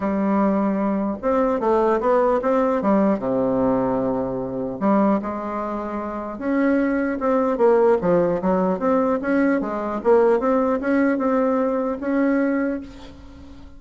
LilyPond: \new Staff \with { instrumentName = "bassoon" } { \time 4/4 \tempo 4 = 150 g2. c'4 | a4 b4 c'4 g4 | c1 | g4 gis2. |
cis'2 c'4 ais4 | f4 fis4 c'4 cis'4 | gis4 ais4 c'4 cis'4 | c'2 cis'2 | }